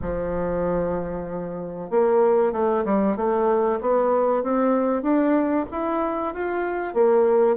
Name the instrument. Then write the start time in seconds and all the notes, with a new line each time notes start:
bassoon
0.01 F3
1.90 A#3
2.52 A3
2.84 G3
3.16 A3
3.81 B3
4.43 C4
5.02 D4
5.71 E4
6.33 F4
6.94 A#3